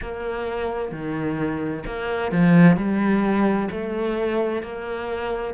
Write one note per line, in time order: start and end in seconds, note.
0.01 0.91 A#3
0.91 1.84 D#3
1.86 2.31 A#3
2.31 2.77 F3
2.77 3.69 G3
3.70 4.62 A3
4.62 5.54 A#3